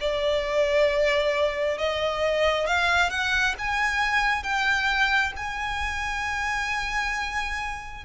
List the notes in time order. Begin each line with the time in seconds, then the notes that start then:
0.00 D5
1.77 D#5
2.67 F5
3.10 F#5
3.58 G#5
4.43 G5
5.36 G#5